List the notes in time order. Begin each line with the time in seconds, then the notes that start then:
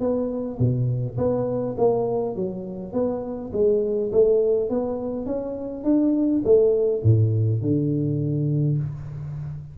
0.00 B3
0.59 B2
1.18 B3
1.77 A#3
2.35 F#3
2.93 B3
3.53 G#3
4.12 A3
4.69 B3
5.26 C#4
5.84 D4
6.44 A3
7.03 A2
7.62 D3